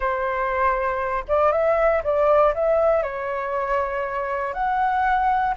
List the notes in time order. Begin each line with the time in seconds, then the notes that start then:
0.00 C5
1.28 D5
1.52 E5
2.03 D5
2.54 E5
3.02 C#5
4.53 F#5